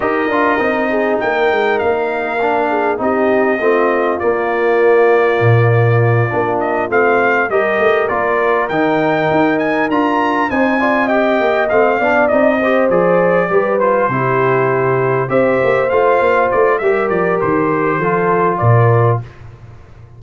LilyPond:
<<
  \new Staff \with { instrumentName = "trumpet" } { \time 4/4 \tempo 4 = 100 dis''2 g''4 f''4~ | f''4 dis''2 d''4~ | d''2. dis''8 f''8~ | f''8 dis''4 d''4 g''4. |
gis''8 ais''4 gis''4 g''4 f''8~ | f''8 dis''4 d''4. c''4~ | c''4. e''4 f''4 d''8 | e''8 d''8 c''2 d''4 | }
  \new Staff \with { instrumentName = "horn" } { \time 4/4 ais'4. gis'8 ais'2~ | ais'8 gis'8 g'4 f'2~ | f'1~ | f'8 ais'2.~ ais'8~ |
ais'4. c''8 d''8 dis''4. | d''4 c''4. b'4 g'8~ | g'4. c''2~ c''8 | ais'2 a'4 ais'4 | }
  \new Staff \with { instrumentName = "trombone" } { \time 4/4 g'8 f'8 dis'2. | d'4 dis'4 c'4 ais4~ | ais2~ ais8 d'4 c'8~ | c'8 g'4 f'4 dis'4.~ |
dis'8 f'4 dis'8 f'8 g'4 c'8 | d'8 dis'8 g'8 gis'4 g'8 f'8 e'8~ | e'4. g'4 f'4. | g'2 f'2 | }
  \new Staff \with { instrumentName = "tuba" } { \time 4/4 dis'8 d'8 c'4 ais8 gis8 ais4~ | ais4 c'4 a4 ais4~ | ais4 ais,4. ais4 a8~ | a8 g8 a8 ais4 dis4 dis'8~ |
dis'8 d'4 c'4. ais8 a8 | b8 c'4 f4 g4 c8~ | c4. c'8 ais8 a8 ais8 a8 | g8 f8 dis4 f4 ais,4 | }
>>